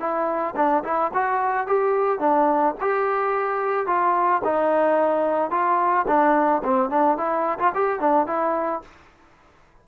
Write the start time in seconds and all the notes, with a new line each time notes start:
0.00 E4
0.56 D4
0.84 E4
1.14 F#4
1.67 G4
2.20 D4
2.81 G4
3.87 F4
4.45 D#4
5.51 F4
6.08 D4
6.64 C4
6.90 D4
7.18 E4
7.59 F4
7.75 G4
8.00 D4
8.27 E4